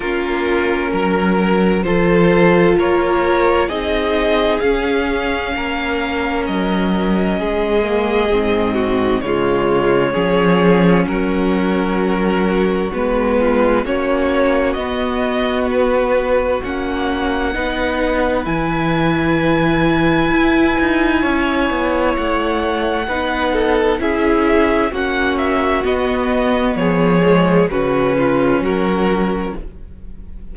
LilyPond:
<<
  \new Staff \with { instrumentName = "violin" } { \time 4/4 \tempo 4 = 65 ais'2 c''4 cis''4 | dis''4 f''2 dis''4~ | dis''2 cis''2 | ais'2 b'4 cis''4 |
dis''4 b'4 fis''2 | gis''1 | fis''2 e''4 fis''8 e''8 | dis''4 cis''4 b'4 ais'4 | }
  \new Staff \with { instrumentName = "violin" } { \time 4/4 f'4 ais'4 a'4 ais'4 | gis'2 ais'2 | gis'4. fis'8 f'4 gis'4 | fis'2~ fis'8 f'8 fis'4~ |
fis'2. b'4~ | b'2. cis''4~ | cis''4 b'8 a'8 gis'4 fis'4~ | fis'4 gis'4 fis'8 f'8 fis'4 | }
  \new Staff \with { instrumentName = "viola" } { \time 4/4 cis'2 f'2 | dis'4 cis'2.~ | cis'8 ais8 c'4 gis4 cis'4~ | cis'2 b4 cis'4 |
b2 cis'4 dis'4 | e'1~ | e'4 dis'4 e'4 cis'4 | b4. gis8 cis'2 | }
  \new Staff \with { instrumentName = "cello" } { \time 4/4 ais4 fis4 f4 ais4 | c'4 cis'4 ais4 fis4 | gis4 gis,4 cis4 f4 | fis2 gis4 ais4 |
b2 ais4 b4 | e2 e'8 dis'8 cis'8 b8 | a4 b4 cis'4 ais4 | b4 f4 cis4 fis4 | }
>>